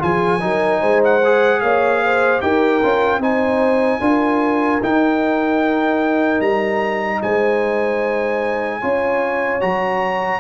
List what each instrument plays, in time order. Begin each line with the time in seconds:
0.00 tuba F3, trombone F4, horn G#4, trumpet G#5
0.41 tuba F#3, trombone D#4, horn A#4
0.81 tuba G#3, horn C5
1.05 trumpet F#5
1.25 trombone G#4
1.61 tuba A#3, horn C#5, trumpet F5
2.04 horn C5
2.41 tuba D#4, trombone G4, horn A#4, trumpet G5
2.83 tuba C#4, trombone F4
3.19 tuba C4, trombone D#4, horn C5, trumpet G#5
4.00 tuba D4, trombone F4, horn A#4
4.83 trombone D#4, tuba D#4, trumpet G5
6.41 tuba G3, trumpet A#5
7.23 tuba G#3, horn C5, trumpet G#5
8.81 tuba C#4, trombone F4, horn C#5
9.61 tuba F#3, trombone F#4, trumpet A#5